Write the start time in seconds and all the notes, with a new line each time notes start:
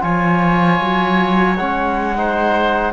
0.00 F3 F4 C#5 G#5
0.81 F#3
1.56 G#3 C#4 F#5
2.16 D#4 C5